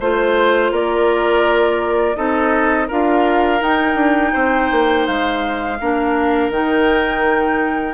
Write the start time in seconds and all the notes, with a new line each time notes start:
0.00 A3 F4 C5
0.72 A#3 A#4 D5
2.16 C4 D#4 A4 D#5
2.88 D4 F4 A#4 F5
3.59 D#4 G5
3.95 D4
4.33 C4 C5
4.71 A#3
5.06 G#3 F5
5.80 A#3 D4 A#4
6.50 D#3 D#4 G5